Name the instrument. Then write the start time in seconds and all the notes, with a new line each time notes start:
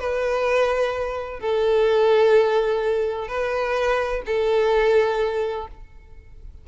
violin
0.00 B4
1.40 A4
3.28 B4
4.26 A4